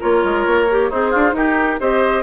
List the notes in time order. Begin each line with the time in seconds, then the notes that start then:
0.00 A#3 F4 A#4 C#5
0.24 G#3
0.46 A#3
0.70 G4
0.90 C4 D#4 G#4 C5
1.11 D4 F4
1.32 D#4 G4 A#4
1.80 C4 G4 C5 D#5